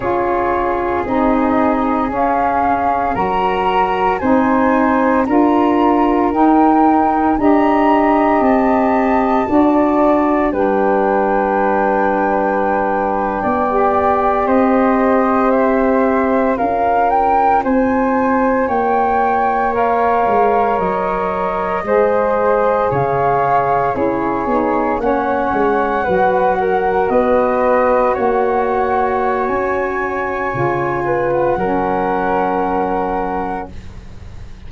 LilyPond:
<<
  \new Staff \with { instrumentName = "flute" } { \time 4/4 \tempo 4 = 57 cis''4 dis''4 f''4 ais''4 | gis''4 ais''4 g''4 ais''4 | a''2 g''2~ | g''4.~ g''16 dis''4 e''4 f''16~ |
f''16 g''8 gis''4 g''4 f''4 dis''16~ | dis''4.~ dis''16 f''4 cis''4 fis''16~ | fis''4.~ fis''16 dis''4 fis''4~ fis''16 | gis''4.~ gis''16 fis''2~ fis''16 | }
  \new Staff \with { instrumentName = "flute" } { \time 4/4 gis'2. ais'4 | c''4 ais'2 dis''4~ | dis''4 d''4 b'2~ | b'8. d''4 c''2 ais'16~ |
ais'8. c''4 cis''2~ cis''16~ | cis''8. c''4 cis''4 gis'4 cis''16~ | cis''8. b'8 ais'8 b'4 cis''4~ cis''16~ | cis''4. b'8 ais'2 | }
  \new Staff \with { instrumentName = "saxophone" } { \time 4/4 f'4 dis'4 cis'4 fis'4 | dis'4 f'4 dis'4 g'4~ | g'4 fis'4 d'2~ | d'4 g'2~ g'8. f'16~ |
f'2~ f'8. ais'4~ ais'16~ | ais'8. gis'2 e'8 dis'8 cis'16~ | cis'8. fis'2.~ fis'16~ | fis'4 f'4 cis'2 | }
  \new Staff \with { instrumentName = "tuba" } { \time 4/4 cis'4 c'4 cis'4 fis4 | c'4 d'4 dis'4 d'4 | c'4 d'4 g2~ | g8. b4 c'2 cis'16~ |
cis'8. c'4 ais4. gis8 fis16~ | fis8. gis4 cis4 cis'8 b8 ais16~ | ais16 gis8 fis4 b4 ais4~ ais16 | cis'4 cis4 fis2 | }
>>